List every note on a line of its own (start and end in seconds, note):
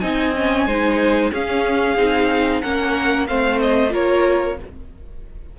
0.00 0.66 C4
0.00 0.34 D#4
0.00 0.67 D#5
0.00 1.30 G#5
0.36 0.69 C#4
0.66 1.32 G#3
0.66 1.32 D#4
0.66 1.31 C5
1.31 1.97 C#4
1.31 1.96 C#4
1.31 2.62 G#4
1.31 2.61 F5
1.96 2.62 C4
1.96 2.62 D#4
2.61 3.29 A#3
2.61 3.28 C#4
2.61 3.27 A#4
2.61 3.26 F#5
3.27 3.94 A3
3.27 3.90 C4
3.27 3.92 C5
3.27 3.60 F5
3.61 3.94 D#5
3.90 4.59 A#3
3.90 4.55 F4
3.90 4.57 A#4
3.90 4.59 C#5